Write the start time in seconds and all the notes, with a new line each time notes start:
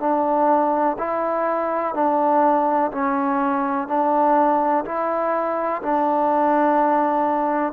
0.00 D4
0.99 E4
1.94 D4
2.92 C#4
3.88 D4
4.86 E4
5.82 D4